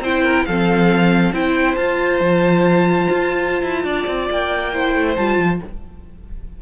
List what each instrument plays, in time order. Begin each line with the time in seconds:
0.00 cello C4, viola E4, violin C5 G5
0.24 violin A#4
0.45 cello F3, viola C4, violin A4 F5
1.32 cello C4, viola E4, violin C5 G5
1.75 viola F4, cello F4, violin A5
2.20 cello F3
3.10 cello F4
3.62 cello E4
3.84 cello D4, violin D5
4.07 cello C4
4.30 cello A#3, violin G5
4.73 viola E4, violin C5
4.95 cello A3
5.16 cello G3, viola F4, violin A5
5.38 cello F3